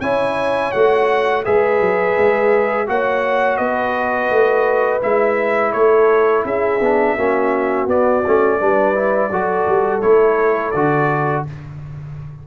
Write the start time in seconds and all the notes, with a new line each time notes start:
0.00 C#4 E4 C#5 G#5
0.72 A3 F#4 F#5
1.44 G#3 G#4 B4 E5
1.80 F#3
2.17 G#3
2.86 A#3 F#4 C#5 F#5
3.57 B3 B4 D#5
4.30 A3
5.01 G#3 E4 E5
5.72 A3 A4 C#5
6.44 C#4 G#4 E5
6.80 B3 D4
7.15 A#3 C#4 F#4
7.86 B3 D5
8.26 A3 C#4
8.59 G3 D4 B4
8.94 E4
9.29 F#3 F#4 A4
9.67 G3
10.01 A3 E4 C#5
10.71 D3 F#4 D5